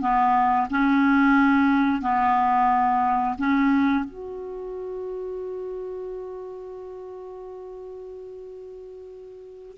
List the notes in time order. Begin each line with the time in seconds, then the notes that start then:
0.00 B3
0.70 C#4
2.01 B3
3.38 C#4
4.04 F#4